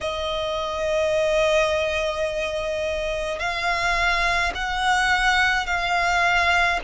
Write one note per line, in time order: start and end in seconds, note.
0.01 3.39 D#5
3.39 4.52 F5
4.54 5.66 F#5
5.66 6.79 F5